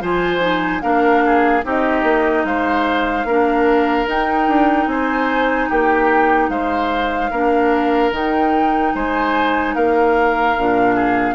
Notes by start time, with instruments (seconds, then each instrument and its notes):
0.00 bassoon F3, clarinet F4, oboe C5, flute G#5
0.40 clarinet D#4
0.81 bassoon A#3, clarinet D4, oboe A#4, flute F5
1.26 oboe G#4
1.64 bassoon C4, clarinet D#4, oboe G4, flute D#5
2.03 bassoon A#3
2.45 bassoon G#3, oboe C5, flute F5
3.24 bassoon A#3, clarinet D4, oboe A#4
4.07 clarinet D#4, bassoon D#4, flute G5
4.48 bassoon D4
4.86 bassoon C4, oboe C5, flute G#5
5.69 bassoon A#3, oboe G4, flute G5
6.49 bassoon G#3, oboe C5, flute F5
7.31 bassoon A#3, clarinet D4, oboe A#4
8.11 bassoon D#3, clarinet D#4, flute G5
8.95 bassoon G#3, oboe C5, flute G#5
9.75 bassoon A#3, oboe A#4, flute F5
10.58 bassoon A#2, clarinet D4
10.95 oboe G#4